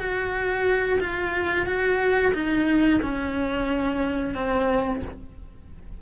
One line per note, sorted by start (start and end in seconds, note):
0.00 1.00 F#4
1.01 1.66 F4
1.66 2.33 F#4
2.34 3.01 D#4
3.02 4.35 C#4
4.35 5.02 C4